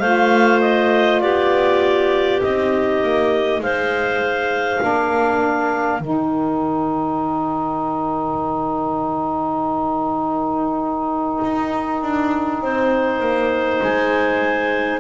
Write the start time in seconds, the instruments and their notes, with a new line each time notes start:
0.00 double bass A3, saxophone F4, clarinet C5 F5
0.61 clarinet D#5
1.21 double bass B3, clarinet G4 D5
2.40 double bass C4, saxophone D#4, clarinet D#5
3.03 double bass A#3
3.59 double bass G#3, clarinet C5 F5
4.79 double bass A#3, saxophone D4, clarinet A#4
6.00 double bass D#3, saxophone D#4, clarinet G5
11.44 double bass D#4
12.02 double bass D4
12.62 double bass C4, clarinet C5
13.20 double bass A#3
13.82 double bass G#3, clarinet G#5